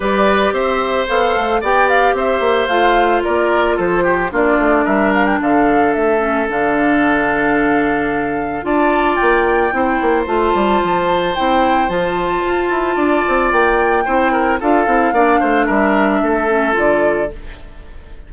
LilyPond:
<<
  \new Staff \with { instrumentName = "flute" } { \time 4/4 \tempo 4 = 111 d''4 e''4 f''4 g''8 f''8 | e''4 f''4 d''4 c''4 | d''4 e''8 f''16 g''16 f''4 e''4 | f''1 |
a''4 g''2 a''4~ | a''4 g''4 a''2~ | a''4 g''2 f''4~ | f''4 e''2 d''4 | }
  \new Staff \with { instrumentName = "oboe" } { \time 4/4 b'4 c''2 d''4 | c''2 ais'4 a'8 g'8 | f'4 ais'4 a'2~ | a'1 |
d''2 c''2~ | c''1 | d''2 c''8 ais'8 a'4 | d''8 c''8 ais'4 a'2 | }
  \new Staff \with { instrumentName = "clarinet" } { \time 4/4 g'2 a'4 g'4~ | g'4 f'2. | d'2.~ d'8 cis'8 | d'1 |
f'2 e'4 f'4~ | f'4 e'4 f'2~ | f'2 e'4 f'8 e'8 | d'2~ d'8 cis'8 f'4 | }
  \new Staff \with { instrumentName = "bassoon" } { \time 4/4 g4 c'4 b8 a8 b4 | c'8 ais8 a4 ais4 f4 | ais8 a8 g4 d4 a4 | d1 |
d'4 ais4 c'8 ais8 a8 g8 | f4 c'4 f4 f'8 e'8 | d'8 c'8 ais4 c'4 d'8 c'8 | ais8 a8 g4 a4 d4 | }
>>